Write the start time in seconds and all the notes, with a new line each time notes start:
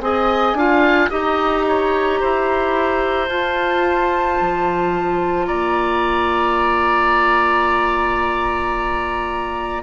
0.00 C4 G#4 D#5 G#5
0.53 D4 F4 F5
1.09 D#4 G4 D#5 A#5
1.68 C#5
2.20 E4 C5
3.28 F4 A5
4.40 F3
5.46 A#3 D5 A#5